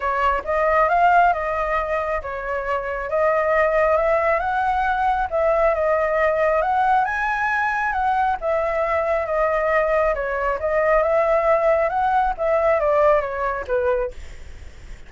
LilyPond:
\new Staff \with { instrumentName = "flute" } { \time 4/4 \tempo 4 = 136 cis''4 dis''4 f''4 dis''4~ | dis''4 cis''2 dis''4~ | dis''4 e''4 fis''2 | e''4 dis''2 fis''4 |
gis''2 fis''4 e''4~ | e''4 dis''2 cis''4 | dis''4 e''2 fis''4 | e''4 d''4 cis''4 b'4 | }